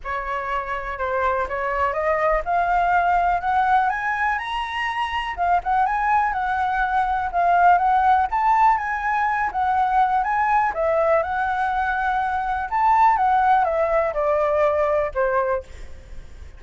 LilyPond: \new Staff \with { instrumentName = "flute" } { \time 4/4 \tempo 4 = 123 cis''2 c''4 cis''4 | dis''4 f''2 fis''4 | gis''4 ais''2 f''8 fis''8 | gis''4 fis''2 f''4 |
fis''4 a''4 gis''4. fis''8~ | fis''4 gis''4 e''4 fis''4~ | fis''2 a''4 fis''4 | e''4 d''2 c''4 | }